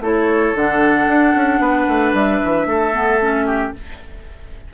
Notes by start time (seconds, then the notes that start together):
0.00 A3 E4 A4 C#5
0.54 D3 D4 F#5
1.07 D4
1.35 C#4
1.59 B3 B4
1.88 A3
2.13 G3 E5
2.44 E3
2.66 A3 A4
2.92 B3
3.20 C#4
3.46 G4